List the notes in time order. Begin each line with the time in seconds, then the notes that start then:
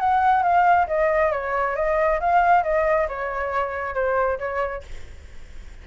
0.00 F#5
0.43 F5
0.88 D#5
1.32 C#5
1.76 D#5
2.21 F5
2.64 D#5
3.09 C#5
3.95 C5
4.39 C#5